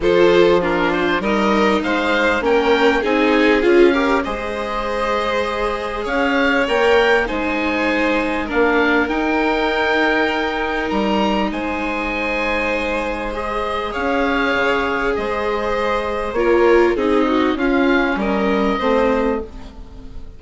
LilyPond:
<<
  \new Staff \with { instrumentName = "oboe" } { \time 4/4 \tempo 4 = 99 c''4 ais'8 c''8 dis''4 f''4 | g''4 gis''4 f''4 dis''4~ | dis''2 f''4 g''4 | gis''2 f''4 g''4~ |
g''2 ais''4 gis''4~ | gis''2 dis''4 f''4~ | f''4 dis''2 cis''4 | dis''4 f''4 dis''2 | }
  \new Staff \with { instrumentName = "violin" } { \time 4/4 a'4 f'4 ais'4 c''4 | ais'4 gis'4. ais'8 c''4~ | c''2 cis''2 | c''2 ais'2~ |
ais'2. c''4~ | c''2. cis''4~ | cis''4 c''2 ais'4 | gis'8 fis'8 f'4 ais'4 c''4 | }
  \new Staff \with { instrumentName = "viola" } { \time 4/4 f'4 d'4 dis'2 | cis'4 dis'4 f'8 g'8 gis'4~ | gis'2. ais'4 | dis'2 d'4 dis'4~ |
dis'1~ | dis'2 gis'2~ | gis'2. f'4 | dis'4 cis'2 c'4 | }
  \new Staff \with { instrumentName = "bassoon" } { \time 4/4 f2 g4 gis4 | ais4 c'4 cis'4 gis4~ | gis2 cis'4 ais4 | gis2 ais4 dis'4~ |
dis'2 g4 gis4~ | gis2. cis'4 | cis4 gis2 ais4 | c'4 cis'4 g4 a4 | }
>>